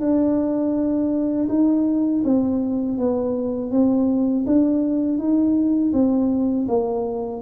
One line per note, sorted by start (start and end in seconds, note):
0.00 1.48 D4
1.49 2.24 D#4
2.24 2.98 C4
2.98 3.71 B3
3.71 4.45 C4
4.46 5.18 D4
5.18 5.92 D#4
5.93 6.67 C4
6.69 7.42 A#3